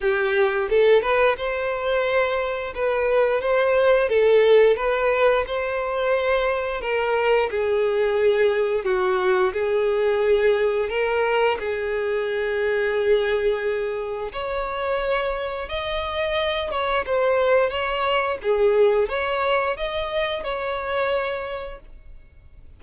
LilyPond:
\new Staff \with { instrumentName = "violin" } { \time 4/4 \tempo 4 = 88 g'4 a'8 b'8 c''2 | b'4 c''4 a'4 b'4 | c''2 ais'4 gis'4~ | gis'4 fis'4 gis'2 |
ais'4 gis'2.~ | gis'4 cis''2 dis''4~ | dis''8 cis''8 c''4 cis''4 gis'4 | cis''4 dis''4 cis''2 | }